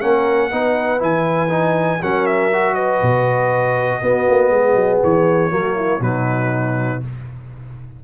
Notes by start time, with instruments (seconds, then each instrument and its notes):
0.00 tuba A#3, trombone C#4, horn A#4, trumpet F#5
0.51 tuba B3, trombone D#4, horn B4
0.99 tuba E3, trombone E4, trumpet G#5
1.49 trombone D#4
2.02 tuba F#3, trombone C#4, horn A#4, trumpet F#5
2.27 trumpet E5
2.53 trombone F#4
2.74 horn B4, trumpet D#5
3.03 tuba B2
4.02 tuba B3, trombone B3, horn F#4
4.29 tuba A#3
4.50 tuba G#3, horn G#4
4.75 tuba F#3
5.03 tuba E3, trumpet C#5
5.50 tuba F#3, trombone A#3, horn F#4
5.76 horn E4
6.00 tuba B2, trombone F#3, horn D#4, trumpet B4